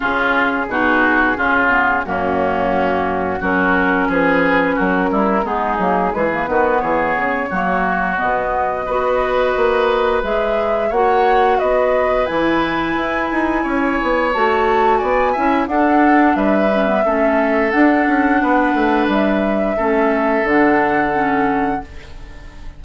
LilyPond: <<
  \new Staff \with { instrumentName = "flute" } { \time 4/4 \tempo 4 = 88 gis'2. fis'4~ | fis'4 ais'4 b'4 ais'4 | gis'4 b'4 cis''2 | dis''2. e''4 |
fis''4 dis''4 gis''2~ | gis''4 a''4 gis''4 fis''4 | e''2 fis''2 | e''2 fis''2 | }
  \new Staff \with { instrumentName = "oboe" } { \time 4/4 f'4 fis'4 f'4 cis'4~ | cis'4 fis'4 gis'4 fis'8 e'8 | dis'4 gis'8 fis'8 gis'4 fis'4~ | fis'4 b'2. |
cis''4 b'2. | cis''2 d''8 e''8 a'4 | b'4 a'2 b'4~ | b'4 a'2. | }
  \new Staff \with { instrumentName = "clarinet" } { \time 4/4 cis'4 dis'4 cis'8 b8 ais4~ | ais4 cis'2. | b8 ais8 gis16 ais16 b4. ais4 | b4 fis'2 gis'4 |
fis'2 e'2~ | e'4 fis'4. e'8 d'4~ | d'8 cis'16 b16 cis'4 d'2~ | d'4 cis'4 d'4 cis'4 | }
  \new Staff \with { instrumentName = "bassoon" } { \time 4/4 cis4 b,4 cis4 fis,4~ | fis,4 fis4 f4 fis8 g8 | gis8 fis8 e8 dis8 e8 cis8 fis4 | b,4 b4 ais4 gis4 |
ais4 b4 e4 e'8 dis'8 | cis'8 b8 a4 b8 cis'8 d'4 | g4 a4 d'8 cis'8 b8 a8 | g4 a4 d2 | }
>>